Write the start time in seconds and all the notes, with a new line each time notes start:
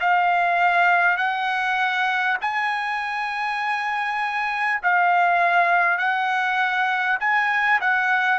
0.00 F5
1.17 F#5
2.41 G#5
4.82 F5
5.98 F#5
7.20 G#5
7.81 F#5